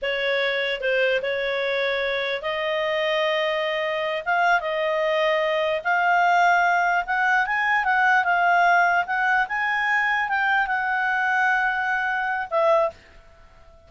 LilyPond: \new Staff \with { instrumentName = "clarinet" } { \time 4/4 \tempo 4 = 149 cis''2 c''4 cis''4~ | cis''2 dis''2~ | dis''2~ dis''8 f''4 dis''8~ | dis''2~ dis''8 f''4.~ |
f''4. fis''4 gis''4 fis''8~ | fis''8 f''2 fis''4 gis''8~ | gis''4. g''4 fis''4.~ | fis''2. e''4 | }